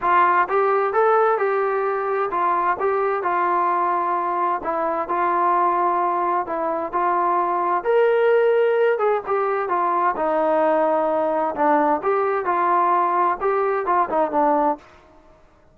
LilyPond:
\new Staff \with { instrumentName = "trombone" } { \time 4/4 \tempo 4 = 130 f'4 g'4 a'4 g'4~ | g'4 f'4 g'4 f'4~ | f'2 e'4 f'4~ | f'2 e'4 f'4~ |
f'4 ais'2~ ais'8 gis'8 | g'4 f'4 dis'2~ | dis'4 d'4 g'4 f'4~ | f'4 g'4 f'8 dis'8 d'4 | }